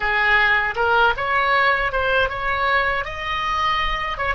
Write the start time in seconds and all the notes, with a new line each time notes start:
0.00 G#4
0.75 A#4
1.16 C#5
1.92 C5
2.29 C#5
3.04 D#5
4.17 C#5